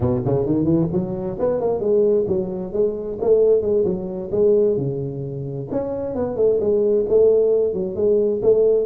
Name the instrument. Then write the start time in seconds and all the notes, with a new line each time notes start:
tuba
0.00 B2
0.25 C#3
0.45 D#3
0.64 E3
0.92 F#3
1.39 B3
1.60 A#3
1.80 G#3
2.27 F#3
2.72 G#3
3.20 A3
3.61 G#3
3.85 F#3
4.31 G#3
4.77 C#3
5.71 C#4
6.15 B3
6.36 A3
6.60 G#3
7.08 A3
7.73 F#3
7.95 G#3
8.42 A3